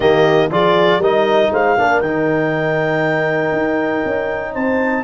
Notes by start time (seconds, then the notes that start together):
0.00 D#3 A#3 G4 D#5
0.50 F3 F4 G#4 D5
0.98 G3 D#4 A#4 D#5
1.52 G#3 C5 F5
1.77 A#3 D4 A#4
2.00 D#3 D#4 G5
3.52 D#4
4.05 C#4
4.53 C4 C5 A5